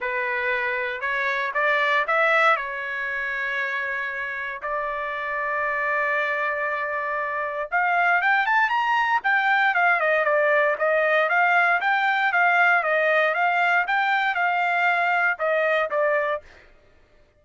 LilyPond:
\new Staff \with { instrumentName = "trumpet" } { \time 4/4 \tempo 4 = 117 b'2 cis''4 d''4 | e''4 cis''2.~ | cis''4 d''2.~ | d''2. f''4 |
g''8 a''8 ais''4 g''4 f''8 dis''8 | d''4 dis''4 f''4 g''4 | f''4 dis''4 f''4 g''4 | f''2 dis''4 d''4 | }